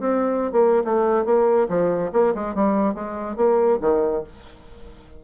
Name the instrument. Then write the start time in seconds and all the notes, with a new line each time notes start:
bassoon
0.00 C4
0.52 A#3
0.85 A3
1.25 A#3
1.69 F3
2.13 A#3
2.35 G#3
2.55 G3
2.95 G#3
3.37 A#3
3.81 D#3